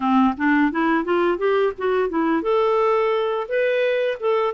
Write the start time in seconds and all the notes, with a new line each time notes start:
0.00 C4
0.37 D4
0.71 E4
1.04 F4
1.38 G4
1.78 F#4
2.09 E4
2.42 A4
3.48 B4
4.20 A4